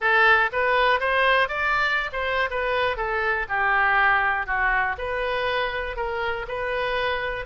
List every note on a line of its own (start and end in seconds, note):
0.00 0.50 A4
0.52 1.00 B4
1.00 1.48 C5
1.48 2.10 D5
2.12 2.49 C5
2.50 2.96 B4
2.96 3.46 A4
3.48 4.46 G4
4.46 4.95 F#4
4.98 5.96 B4
5.96 6.46 A#4
6.48 7.45 B4